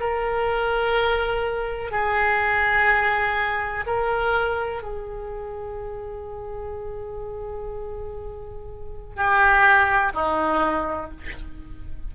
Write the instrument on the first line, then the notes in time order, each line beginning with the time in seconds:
oboe
0.00 A#4
1.91 G#4
3.87 A#4
4.83 G#4
9.16 G4
10.14 D#4